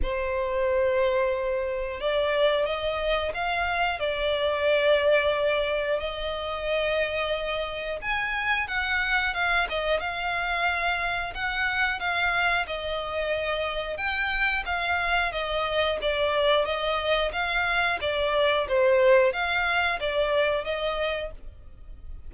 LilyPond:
\new Staff \with { instrumentName = "violin" } { \time 4/4 \tempo 4 = 90 c''2. d''4 | dis''4 f''4 d''2~ | d''4 dis''2. | gis''4 fis''4 f''8 dis''8 f''4~ |
f''4 fis''4 f''4 dis''4~ | dis''4 g''4 f''4 dis''4 | d''4 dis''4 f''4 d''4 | c''4 f''4 d''4 dis''4 | }